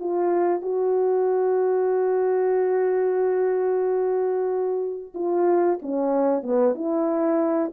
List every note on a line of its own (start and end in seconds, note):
0.00 0.62 F4
0.62 5.13 F#4
5.15 5.79 F4
5.82 6.43 C#4
6.43 6.75 B3
6.75 7.72 E4